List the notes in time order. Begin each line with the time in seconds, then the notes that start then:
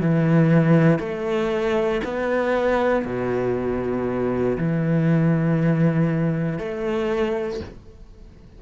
0.00 E3
0.99 A3
2.04 B3
3.05 B2
4.57 E3
6.58 A3